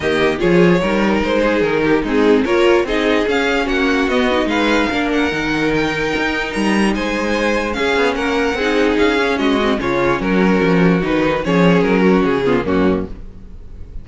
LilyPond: <<
  \new Staff \with { instrumentName = "violin" } { \time 4/4 \tempo 4 = 147 dis''4 cis''2 c''4 | ais'4 gis'4 cis''4 dis''4 | f''4 fis''4 dis''4 f''4~ | f''8 fis''4. g''2 |
ais''4 gis''2 f''4 | fis''2 f''4 dis''4 | cis''4 ais'2 b'4 | cis''4 ais'4 gis'4 fis'4 | }
  \new Staff \with { instrumentName = "violin" } { \time 4/4 g'4 gis'4 ais'4. gis'8~ | gis'8 g'8 dis'4 ais'4 gis'4~ | gis'4 fis'2 b'4 | ais'1~ |
ais'4 c''2 gis'4 | ais'4 gis'2 fis'4 | f'4 fis'2. | gis'4. fis'4 f'8 cis'4 | }
  \new Staff \with { instrumentName = "viola" } { \time 4/4 ais4 f'4 dis'2~ | dis'4 c'4 f'4 dis'4 | cis'2 b8 dis'4. | d'4 dis'2.~ |
dis'2. cis'4~ | cis'4 dis'4. cis'4 c'8 | cis'2. dis'4 | cis'2~ cis'8 b8 ais4 | }
  \new Staff \with { instrumentName = "cello" } { \time 4/4 dis4 f4 g4 gis4 | dis4 gis4 ais4 c'4 | cis'4 ais4 b4 gis4 | ais4 dis2 dis'4 |
g4 gis2 cis'8 b8 | ais4 c'4 cis'4 gis4 | cis4 fis4 f4 dis4 | f4 fis4 cis4 fis,4 | }
>>